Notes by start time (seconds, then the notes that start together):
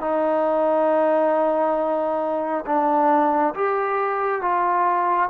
0.00 D#4
2.66 D4
3.54 G4
4.41 F4